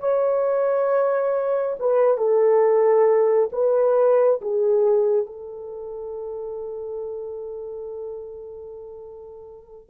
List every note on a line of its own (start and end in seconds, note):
0.00 1.76 C#5
1.80 2.18 B4
2.18 3.50 A4
3.53 4.41 B4
4.42 5.26 G#4
5.26 9.89 A4